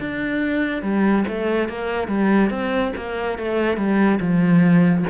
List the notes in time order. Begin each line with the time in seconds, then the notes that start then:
0.00 D4
0.83 G3
1.28 A3
1.69 A#3
2.08 G3
2.51 C4
2.97 A#3
3.38 A3
3.77 G3
4.20 F3